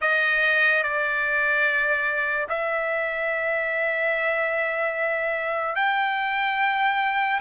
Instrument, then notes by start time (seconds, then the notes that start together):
trumpet
0.01 D#5
0.83 D5
2.48 E5
5.75 G5